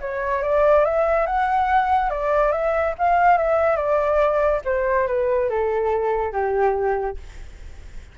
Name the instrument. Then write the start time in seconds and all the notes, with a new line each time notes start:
flute
0.00 C#5
0.42 D5
0.84 E5
1.26 F#5
2.10 D5
2.52 E5
2.98 F5
3.37 E5
3.76 D5
4.65 C5
5.07 B4
5.49 A4
6.32 G4